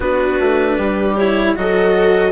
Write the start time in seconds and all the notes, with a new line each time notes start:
0.00 B3 D4 F#4 B4
0.40 A3
0.76 G3 G4
1.16 E4 C#5
1.55 F#3 F#4 A4 D#5